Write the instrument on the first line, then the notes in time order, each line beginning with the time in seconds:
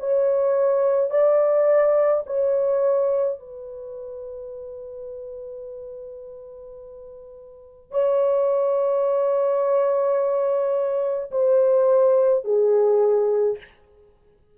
horn
0.00 C#5
1.11 D5
2.27 C#5
3.40 B4
7.91 C#5
11.32 C5
12.45 G#4